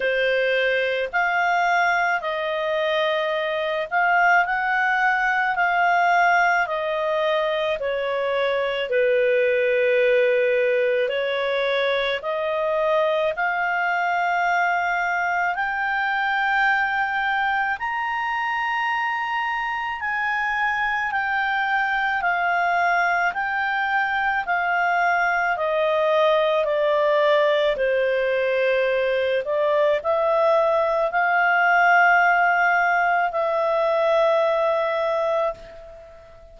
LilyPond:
\new Staff \with { instrumentName = "clarinet" } { \time 4/4 \tempo 4 = 54 c''4 f''4 dis''4. f''8 | fis''4 f''4 dis''4 cis''4 | b'2 cis''4 dis''4 | f''2 g''2 |
ais''2 gis''4 g''4 | f''4 g''4 f''4 dis''4 | d''4 c''4. d''8 e''4 | f''2 e''2 | }